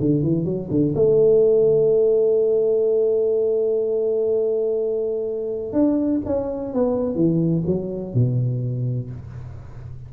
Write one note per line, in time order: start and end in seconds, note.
0.00 0.23 D3
0.23 0.45 E3
0.45 0.69 F#3
0.70 0.94 D3
0.95 5.73 A3
5.73 6.21 D4
6.26 6.74 C#4
6.74 7.15 B3
7.15 7.63 E3
7.67 8.14 F#3
8.14 9.10 B2